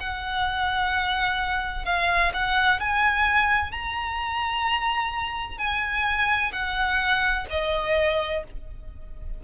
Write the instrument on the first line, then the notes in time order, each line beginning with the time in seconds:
violin
0.00 F#5
1.85 F5
2.34 F#5
2.80 G#5
3.72 A#5
5.58 G#5
6.52 F#5
7.50 D#5